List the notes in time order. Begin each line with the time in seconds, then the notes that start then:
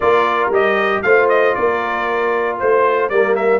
0.00 A#3 F4 A#4 D5
0.50 G3 G4 D#5
1.02 A3 F4 C5 F5
1.28 D#5
1.54 A#3 A#4 D5
2.59 A3 C5
3.09 G3 A#3 A#4 D5
3.35 E5